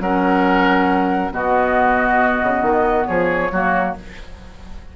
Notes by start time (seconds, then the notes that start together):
0.00 F#3 C#4 A#4 F#5
1.32 B2 B3 F#4 D#5
2.43 C#3
2.62 D#3
3.06 F3 G#4 C#5
3.52 F#3 A#3 F#4